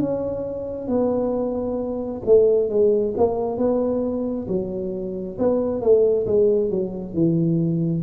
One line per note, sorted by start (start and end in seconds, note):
0.00 0.88 C#4
0.88 2.22 B3
2.26 2.69 A3
2.69 3.14 G#3
3.17 3.58 A#3
3.58 4.47 B3
4.48 5.37 F#3
5.39 5.82 B3
5.82 6.26 A3
6.27 6.70 G#3
6.70 7.14 F#3
7.14 8.03 E3